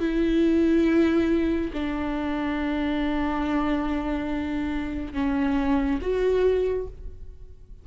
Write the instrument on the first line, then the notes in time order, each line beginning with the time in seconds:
viola
0.00 E4
1.73 D4
5.14 C#4
6.02 F#4